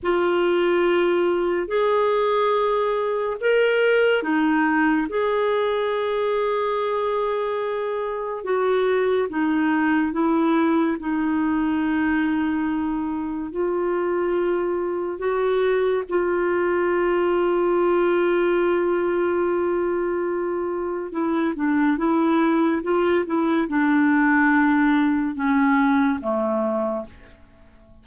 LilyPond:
\new Staff \with { instrumentName = "clarinet" } { \time 4/4 \tempo 4 = 71 f'2 gis'2 | ais'4 dis'4 gis'2~ | gis'2 fis'4 dis'4 | e'4 dis'2. |
f'2 fis'4 f'4~ | f'1~ | f'4 e'8 d'8 e'4 f'8 e'8 | d'2 cis'4 a4 | }